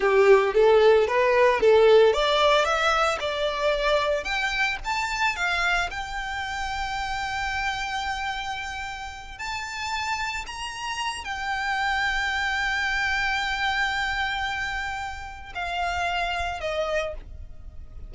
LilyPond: \new Staff \with { instrumentName = "violin" } { \time 4/4 \tempo 4 = 112 g'4 a'4 b'4 a'4 | d''4 e''4 d''2 | g''4 a''4 f''4 g''4~ | g''1~ |
g''4. a''2 ais''8~ | ais''4 g''2.~ | g''1~ | g''4 f''2 dis''4 | }